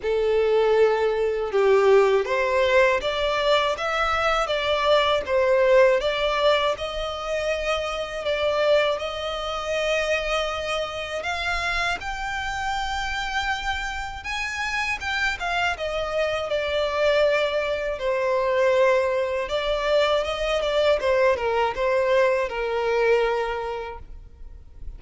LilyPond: \new Staff \with { instrumentName = "violin" } { \time 4/4 \tempo 4 = 80 a'2 g'4 c''4 | d''4 e''4 d''4 c''4 | d''4 dis''2 d''4 | dis''2. f''4 |
g''2. gis''4 | g''8 f''8 dis''4 d''2 | c''2 d''4 dis''8 d''8 | c''8 ais'8 c''4 ais'2 | }